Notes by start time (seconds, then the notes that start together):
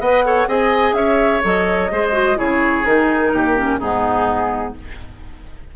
0.00 B3 B4 D#5 F#5
0.25 A4 C#5
0.48 C4 G#4 D#5 G#5
0.93 C#4 C#5 E5
1.43 F#3 A4 D#5
1.91 G#3 G#4 C5
2.13 F#4
2.37 C#3 E4 G#4 C#5
2.85 D#3 D#4 A#4
3.33 D#2 G4
3.56 C#4
3.80 G#2 B3 D#4 G#4